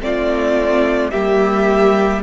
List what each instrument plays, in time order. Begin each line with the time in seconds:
0.00 cello A3, viola C4, violin F4 D5
1.10 cello G3, viola A#3, violin G4 E5